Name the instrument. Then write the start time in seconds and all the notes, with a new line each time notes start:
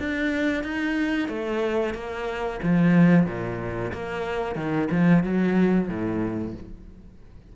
cello
0.00 D4
0.64 D#4
1.29 A3
1.95 A#3
2.63 F3
3.27 A#2
3.94 A#3
4.56 D#3
4.92 F3
5.24 F#3
5.88 A2